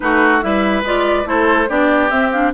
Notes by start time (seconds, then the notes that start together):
0.00 A3 D#4 F#4 B4
0.41 G3 E4 B4 E5
0.83 G#3 F4 D5
1.25 A3 E4 A4 C5
1.68 B3 D4 G4 D5
2.10 C4 E5
2.31 D4 F5